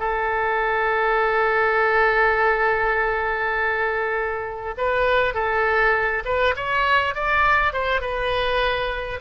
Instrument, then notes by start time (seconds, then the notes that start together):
oboe
0.00 A4
4.78 B4
5.35 A4
6.26 B4
6.57 C#5
7.15 D5
7.73 C5
8.01 B4